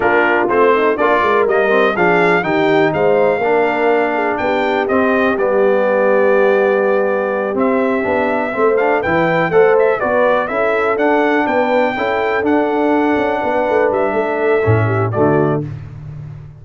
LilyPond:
<<
  \new Staff \with { instrumentName = "trumpet" } { \time 4/4 \tempo 4 = 123 ais'4 c''4 d''4 dis''4 | f''4 g''4 f''2~ | f''4 g''4 dis''4 d''4~ | d''2.~ d''8 e''8~ |
e''2 f''8 g''4 fis''8 | e''8 d''4 e''4 fis''4 g''8~ | g''4. fis''2~ fis''8~ | fis''8 e''2~ e''8 d''4 | }
  \new Staff \with { instrumentName = "horn" } { \time 4/4 f'4. dis'8 d'8 ais'4. | gis'4 g'4 c''4 ais'4~ | ais'8 gis'8 g'2.~ | g'1~ |
g'4. c''4 b'4 c''8~ | c''8 b'4 a'2 b'8~ | b'8 a'2. b'8~ | b'4 a'4. g'8 fis'4 | }
  \new Staff \with { instrumentName = "trombone" } { \time 4/4 d'4 c'4 f'4 ais8 c'8 | d'4 dis'2 d'4~ | d'2 c'4 b4~ | b2.~ b8 c'8~ |
c'8 d'4 c'8 d'8 e'4 a'8~ | a'8 fis'4 e'4 d'4.~ | d'8 e'4 d'2~ d'8~ | d'2 cis'4 a4 | }
  \new Staff \with { instrumentName = "tuba" } { \time 4/4 ais4 a4 ais8 gis8 g4 | f4 dis4 gis4 ais4~ | ais4 b4 c'4 g4~ | g2.~ g8 c'8~ |
c'8 b4 a4 e4 a8~ | a8 b4 cis'4 d'4 b8~ | b8 cis'4 d'4. cis'8 b8 | a8 g8 a4 a,4 d4 | }
>>